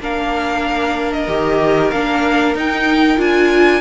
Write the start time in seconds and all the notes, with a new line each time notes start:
0.00 A#3 D4 A#4 F5
1.12 D#5
1.28 D#3 G4
1.91 A#3 D4 F5
2.55 D#4 G5
3.17 D4 F4 G#5